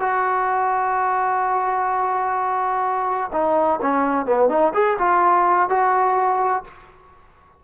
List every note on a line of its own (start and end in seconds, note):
0.00 3.31 F#4
3.33 3.80 D#4
3.82 4.26 C#4
4.26 4.49 B3
4.49 4.73 D#4
4.74 4.98 G#4
4.99 5.70 F4
5.70 6.64 F#4